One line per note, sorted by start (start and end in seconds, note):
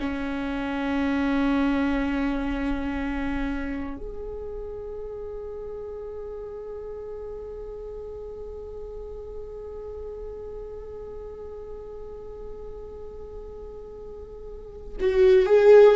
0.00 3.97 C#4
3.97 14.97 G#4
15.00 15.46 F#4
15.46 15.96 G#4